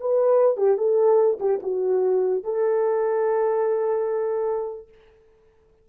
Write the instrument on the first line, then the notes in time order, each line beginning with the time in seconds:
horn
0.00 B4
0.57 G4
0.78 A4
1.40 G4
1.63 F#4
2.44 A4